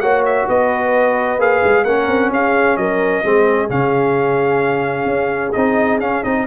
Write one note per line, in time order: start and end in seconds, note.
0.00 0.46 A#3
0.00 1.39 F#4
0.00 0.47 C#5
0.00 0.23 F#5
0.25 0.48 E5
0.48 1.38 B3
0.48 1.85 B4
0.48 1.41 D#5
1.38 1.61 A#3
1.38 1.85 G#4
1.38 1.84 F5
1.64 1.84 G#3
1.84 2.07 A#3
1.84 3.24 C#4
1.84 2.31 A#4
1.84 2.30 F#5
2.07 2.30 C4
2.31 2.76 C#4
2.31 2.78 G#4
2.31 2.76 F5
2.76 3.22 F#3
2.76 3.25 A#4
2.76 3.69 D#5
3.23 3.69 G#3
3.23 3.68 C4
3.23 6.46 G#4
3.68 5.05 C#3
3.68 5.53 C#4
3.68 5.52 F5
5.05 5.51 C#4
5.52 6.00 C4
5.52 6.00 D#4
5.52 5.98 D#5
6.00 6.23 C#4
6.00 6.24 C#4
6.00 6.23 F5
6.23 6.46 C4
6.23 6.46 D#4
6.23 6.46 D#5